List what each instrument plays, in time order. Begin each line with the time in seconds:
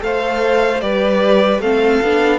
0.00 cello A3, viola A4, violin C5 F5
0.81 cello G3, viola G4, violin B4 D5
1.60 cello A3, viola C4, violin A4 F5
2.02 cello B3, viola D4